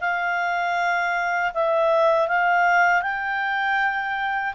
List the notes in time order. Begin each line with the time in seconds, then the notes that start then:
0.00 F5
1.54 E5
2.28 F5
3.02 G5